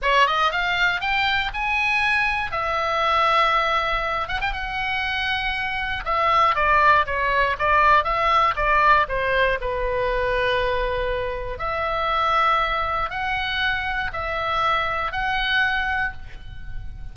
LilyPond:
\new Staff \with { instrumentName = "oboe" } { \time 4/4 \tempo 4 = 119 cis''8 dis''8 f''4 g''4 gis''4~ | gis''4 e''2.~ | e''8 fis''16 g''16 fis''2. | e''4 d''4 cis''4 d''4 |
e''4 d''4 c''4 b'4~ | b'2. e''4~ | e''2 fis''2 | e''2 fis''2 | }